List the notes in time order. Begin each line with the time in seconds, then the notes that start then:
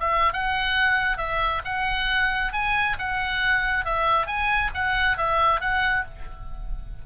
0.00 E5
0.33 F#5
1.18 E5
1.65 F#5
2.53 G#5
2.99 F#5
3.85 E5
4.27 G#5
4.74 F#5
5.17 E5
5.60 F#5